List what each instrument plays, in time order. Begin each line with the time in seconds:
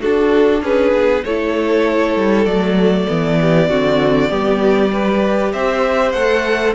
0.00 viola D4, cello D4, violin F#4 A4
0.61 cello C#4, violin G#4 B4
0.93 cello B3
1.24 cello A3, viola E4, violin A4 C#5
2.15 cello G3
2.45 cello F#3, viola A3, violin D5
3.08 cello E3, viola B3
3.40 violin G4
3.69 cello D3, viola C4, violin F#4
4.29 cello G3, viola B3, violin G4
4.92 viola G4, violin B4
5.52 cello C4, violin C5 E5
6.11 cello A3, viola A4, violin F#5